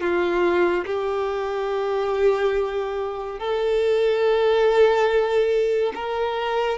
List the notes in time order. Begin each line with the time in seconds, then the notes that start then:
0.00 F4
0.86 G4
3.39 A4
5.95 A#4